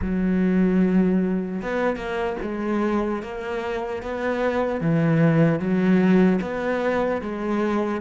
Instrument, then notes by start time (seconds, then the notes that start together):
cello
0.01 F#3
1.61 B3
1.96 A#3
2.42 G#3
3.22 A#3
4.02 B3
4.80 E3
5.59 F#3
6.41 B3
7.21 G#3